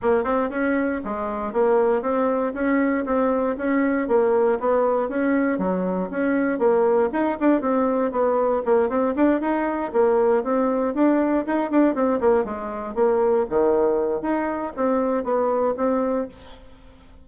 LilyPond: \new Staff \with { instrumentName = "bassoon" } { \time 4/4 \tempo 4 = 118 ais8 c'8 cis'4 gis4 ais4 | c'4 cis'4 c'4 cis'4 | ais4 b4 cis'4 fis4 | cis'4 ais4 dis'8 d'8 c'4 |
b4 ais8 c'8 d'8 dis'4 ais8~ | ais8 c'4 d'4 dis'8 d'8 c'8 | ais8 gis4 ais4 dis4. | dis'4 c'4 b4 c'4 | }